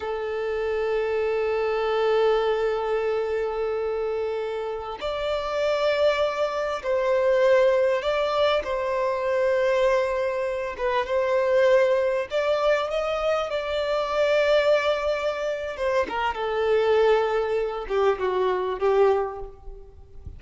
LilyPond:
\new Staff \with { instrumentName = "violin" } { \time 4/4 \tempo 4 = 99 a'1~ | a'1~ | a'16 d''2. c''8.~ | c''4~ c''16 d''4 c''4.~ c''16~ |
c''4.~ c''16 b'8 c''4.~ c''16~ | c''16 d''4 dis''4 d''4.~ d''16~ | d''2 c''8 ais'8 a'4~ | a'4. g'8 fis'4 g'4 | }